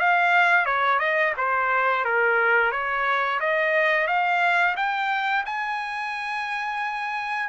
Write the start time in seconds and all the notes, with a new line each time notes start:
0.00 F5
0.66 C#5
1.00 D#5
1.38 C5
2.05 A#4
2.72 C#5
3.40 D#5
4.08 F5
4.77 G5
5.46 G#5